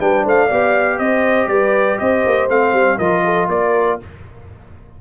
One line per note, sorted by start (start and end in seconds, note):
0.00 0.25 G3
0.00 0.50 D4
0.00 0.24 B4
0.00 0.25 G5
0.24 0.50 A3
0.24 0.46 C5
0.24 0.99 F5
0.46 0.99 B3
0.46 2.50 G4
0.46 0.96 D5
0.99 1.47 C4
0.99 1.50 C5
0.99 1.49 D#5
1.47 1.97 G3
1.47 2.00 B4
1.47 1.99 D5
1.99 2.25 C4
1.99 2.98 C5
1.99 2.49 D#5
2.26 2.49 A#3
2.49 2.73 A3
2.49 3.00 C4
2.49 2.99 F5
2.73 2.98 G3
2.98 3.48 F3
2.98 4.01 F4
2.98 3.23 A#4
2.98 3.49 D#5
3.25 3.50 A4
3.48 3.98 A#3
3.48 4.01 A#4
3.48 4.00 D5